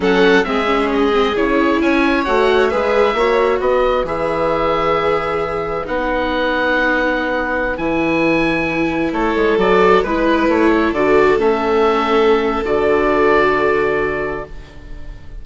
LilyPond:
<<
  \new Staff \with { instrumentName = "oboe" } { \time 4/4 \tempo 4 = 133 fis''4 e''4 dis''4 cis''4 | gis''4 fis''4 e''2 | dis''4 e''2.~ | e''4 fis''2.~ |
fis''4~ fis''16 gis''2~ gis''8.~ | gis''16 cis''4 d''4 b'4 cis''8.~ | cis''16 d''4 e''2~ e''8. | d''1 | }
  \new Staff \with { instrumentName = "violin" } { \time 4/4 a'4 gis'2. | cis''2 b'4 cis''4 | b'1~ | b'1~ |
b'1~ | b'16 a'2 b'4. a'16~ | a'1~ | a'1 | }
  \new Staff \with { instrumentName = "viola" } { \time 4/4 cis'4 c'8 cis'4 c'8 e'4~ | e'4 fis'4 gis'4 fis'4~ | fis'4 gis'2.~ | gis'4 dis'2.~ |
dis'4~ dis'16 e'2~ e'8.~ | e'4~ e'16 fis'4 e'4.~ e'16~ | e'16 fis'4 cis'2~ cis'8. | fis'1 | }
  \new Staff \with { instrumentName = "bassoon" } { \time 4/4 fis4 gis2 cis4 | cis'4 a4 gis4 ais4 | b4 e2.~ | e4 b2.~ |
b4~ b16 e2~ e8.~ | e16 a8 gis8 fis4 gis4 a8.~ | a16 d4 a2~ a8. | d1 | }
>>